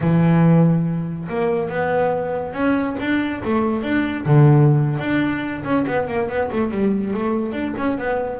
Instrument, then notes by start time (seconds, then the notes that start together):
double bass
0.00 E3
1.29 A#3
1.69 B3
2.53 C#4
3.00 D4
3.44 A3
3.82 D4
4.25 D3
4.99 D4
5.64 C#4
5.87 B3
6.07 A#3
6.28 B3
6.52 A3
6.71 G3
7.13 A3
7.52 D4
7.77 C#4
7.98 B3